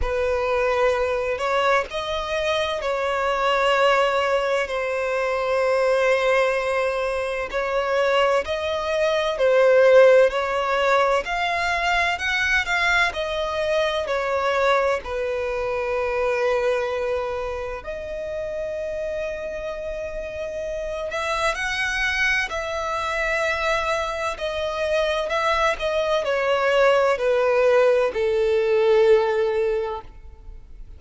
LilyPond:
\new Staff \with { instrumentName = "violin" } { \time 4/4 \tempo 4 = 64 b'4. cis''8 dis''4 cis''4~ | cis''4 c''2. | cis''4 dis''4 c''4 cis''4 | f''4 fis''8 f''8 dis''4 cis''4 |
b'2. dis''4~ | dis''2~ dis''8 e''8 fis''4 | e''2 dis''4 e''8 dis''8 | cis''4 b'4 a'2 | }